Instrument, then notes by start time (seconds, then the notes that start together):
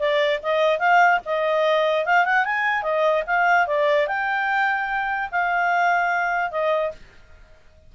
clarinet
0.00 D5
0.43 D#5
0.79 F5
1.26 D#5
2.06 F5
2.25 F#5
2.45 G#5
2.83 D#5
3.27 F5
3.68 D5
4.08 G5
5.32 F5
6.51 D#5